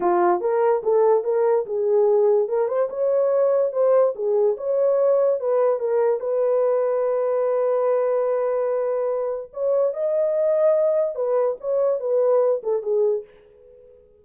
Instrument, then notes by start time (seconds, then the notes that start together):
horn
0.00 F4
0.40 A#4
0.83 A4
1.24 A#4
1.66 G#4
2.48 A#4
2.68 C5
2.89 C#5
3.72 C5
4.15 G#4
4.57 C#5
5.40 B4
5.79 A#4
6.20 B4
9.53 C#5
9.93 D#5
11.15 B4
11.60 C#5
11.99 B4
12.63 A4
12.82 G#4